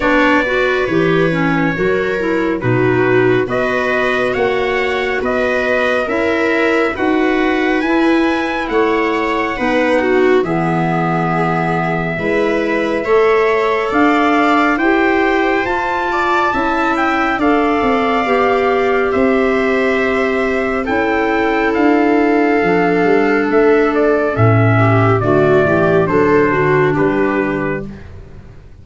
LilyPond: <<
  \new Staff \with { instrumentName = "trumpet" } { \time 4/4 \tempo 4 = 69 d''4 cis''2 b'4 | dis''4 fis''4 dis''4 e''4 | fis''4 gis''4 fis''2 | e''1 |
f''4 g''4 a''4. g''8 | f''2 e''2 | g''4 f''2 e''8 d''8 | e''4 d''4 c''4 b'4 | }
  \new Staff \with { instrumentName = "viola" } { \time 4/4 cis''8 b'4. ais'4 fis'4 | b'4 cis''4 b'4 ais'4 | b'2 cis''4 b'8 fis'8 | gis'2 b'4 cis''4 |
d''4 c''4. d''8 e''4 | d''2 c''2 | a'1~ | a'8 g'8 fis'8 g'8 a'8 fis'8 g'4 | }
  \new Staff \with { instrumentName = "clarinet" } { \time 4/4 d'8 fis'8 g'8 cis'8 fis'8 e'8 dis'4 | fis'2. e'4 | fis'4 e'2 dis'4 | b2 e'4 a'4~ |
a'4 g'4 f'4 e'4 | a'4 g'2. | e'2 d'2 | cis'4 a4 d'2 | }
  \new Staff \with { instrumentName = "tuba" } { \time 4/4 b4 e4 fis4 b,4 | b4 ais4 b4 cis'4 | dis'4 e'4 a4 b4 | e2 gis4 a4 |
d'4 e'4 f'4 cis'4 | d'8 c'8 b4 c'2 | cis'4 d'4 f8 g8 a4 | a,4 d8 e8 fis8 d8 g4 | }
>>